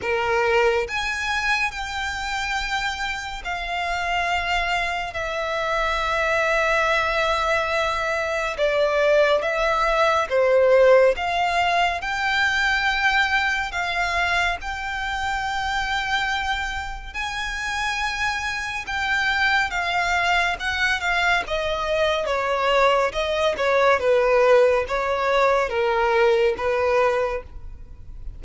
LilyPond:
\new Staff \with { instrumentName = "violin" } { \time 4/4 \tempo 4 = 70 ais'4 gis''4 g''2 | f''2 e''2~ | e''2 d''4 e''4 | c''4 f''4 g''2 |
f''4 g''2. | gis''2 g''4 f''4 | fis''8 f''8 dis''4 cis''4 dis''8 cis''8 | b'4 cis''4 ais'4 b'4 | }